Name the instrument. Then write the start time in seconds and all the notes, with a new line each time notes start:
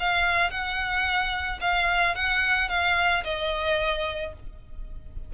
violin
0.00 F5
0.51 F#5
1.61 F5
2.16 F#5
2.70 F5
3.25 D#5